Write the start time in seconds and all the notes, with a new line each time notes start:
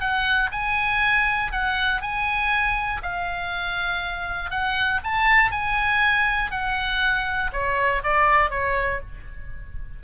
0.00 F#5
0.52 G#5
1.52 F#5
2.01 G#5
3.03 F5
4.50 F#5
5.04 A5
5.51 G#5
6.51 F#5
7.53 C#5
8.03 D5
8.50 C#5